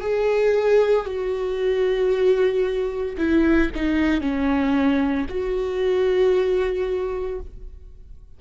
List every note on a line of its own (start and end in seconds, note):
0.00 1.05 G#4
1.06 3.16 F#4
3.18 3.70 E4
3.75 4.21 D#4
4.21 5.26 C#4
5.29 7.40 F#4